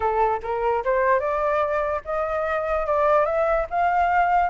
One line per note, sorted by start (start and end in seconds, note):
0.00 0.40 A4
0.42 0.83 A#4
0.84 1.19 C5
1.19 2.01 D5
2.04 2.86 D#5
2.86 3.25 D5
3.25 3.66 E5
3.70 4.49 F5